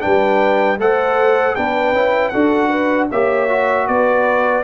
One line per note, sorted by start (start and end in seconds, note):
0.00 0.79 G3
0.00 0.77 D4
0.00 0.79 B4
0.00 0.77 G5
0.79 1.55 A3
0.79 1.56 A4
0.79 1.56 C5
0.79 1.55 F#5
1.55 1.92 B3
1.55 1.94 D4
1.55 2.31 B4
1.55 2.29 G5
1.92 2.30 C#4
1.92 2.32 E4
2.29 3.11 D4
2.29 3.09 F#4
2.29 2.69 A4
2.29 3.05 F#5
2.69 3.07 B4
3.10 3.88 A#3
3.10 3.49 G4
3.10 3.87 C#5
3.10 3.87 E5
3.49 4.63 F#4
3.87 4.63 B3
3.87 4.63 B4
3.87 4.63 D5